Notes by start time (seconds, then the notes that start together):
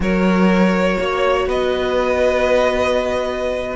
0.00 F#3 F#4 A#4 C#5
0.98 A#3 C#5
1.47 B3 B4 D#5